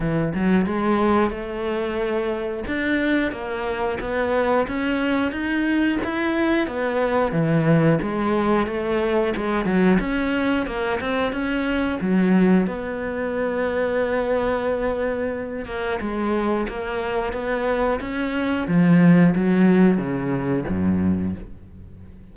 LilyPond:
\new Staff \with { instrumentName = "cello" } { \time 4/4 \tempo 4 = 90 e8 fis8 gis4 a2 | d'4 ais4 b4 cis'4 | dis'4 e'4 b4 e4 | gis4 a4 gis8 fis8 cis'4 |
ais8 c'8 cis'4 fis4 b4~ | b2.~ b8 ais8 | gis4 ais4 b4 cis'4 | f4 fis4 cis4 fis,4 | }